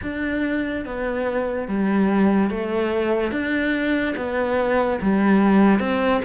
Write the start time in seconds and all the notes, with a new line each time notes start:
0.02 D4
0.85 B3
1.67 G3
2.50 A3
3.31 D4
4.16 B3
5.01 G3
5.79 C4